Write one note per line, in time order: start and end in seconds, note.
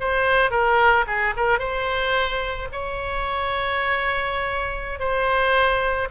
0.00 0.50 C5
0.50 1.05 A#4
1.07 1.34 G#4
1.36 1.59 A#4
1.59 2.68 C5
2.72 4.99 C#5
4.99 6.08 C5